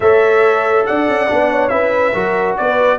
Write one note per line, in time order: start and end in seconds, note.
0.00 0.85 A3
0.00 1.27 A4
0.00 0.87 C#5
0.00 0.86 E5
0.86 1.08 D4
0.86 1.51 D5
0.86 1.68 F#5
1.08 1.30 C#4
1.27 1.70 B3
1.27 1.70 D4
1.51 1.72 C#5
1.68 2.13 C#4
1.68 2.13 E4
1.68 2.14 B4
1.68 2.54 E5
2.13 2.57 F#3
2.13 2.99 F#4
2.13 2.57 A#4
2.57 2.99 B3
2.57 2.99 B4
2.57 2.99 D5